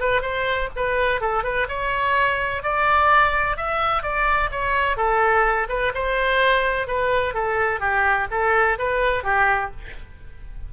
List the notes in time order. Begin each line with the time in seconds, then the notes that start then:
0.00 B4
0.21 C5
0.76 B4
1.20 A4
1.43 B4
1.68 C#5
2.62 D5
3.56 E5
4.03 D5
4.51 C#5
4.97 A4
5.68 B4
5.94 C5
6.87 B4
7.34 A4
7.80 G4
8.31 A4
8.78 B4
9.23 G4